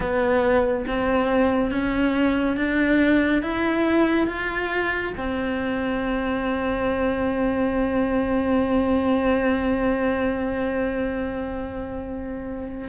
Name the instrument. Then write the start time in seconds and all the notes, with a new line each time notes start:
cello
0.00 B3
0.87 C4
1.71 C#4
2.56 D4
3.42 E4
4.27 F4
5.17 C4